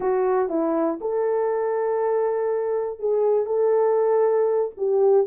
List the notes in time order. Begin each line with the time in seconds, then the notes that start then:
0.00 F#4
0.49 E4
1.00 A4
2.99 G#4
3.46 A4
4.77 G4